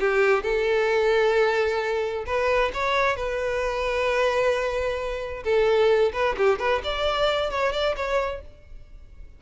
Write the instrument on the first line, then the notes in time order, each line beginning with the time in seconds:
violin
0.00 G4
0.43 A4
2.26 B4
2.74 C#5
3.17 B4
5.44 A4
6.13 B4
6.38 G4
6.59 B4
6.84 D5
7.51 C#5
7.73 D5
7.96 C#5